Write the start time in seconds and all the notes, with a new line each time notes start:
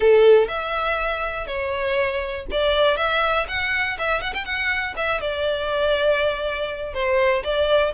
0.00 A4
0.48 E5
1.47 C#5
2.51 D5
2.96 E5
3.48 F#5
3.98 E5
4.21 F#5
4.34 G5
4.44 F#5
4.96 E5
5.21 D5
6.93 C5
7.43 D5